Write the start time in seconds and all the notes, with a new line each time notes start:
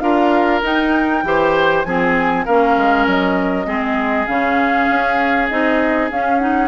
0.00 D4 F4 A#4 F5
0.62 D#4 G5
1.24 E3 G4 C5
1.84 F3 C4 G#4 G#5
2.45 A#3 C#4 A#4 F5
2.77 G#3
3.07 F#3 D#5
3.66 G#3 C4 G#4
4.27 C#3 C#4 F5
4.90 C#4
5.49 C4 D#4 D#5
6.11 C#4 F5
6.39 D#4 F#5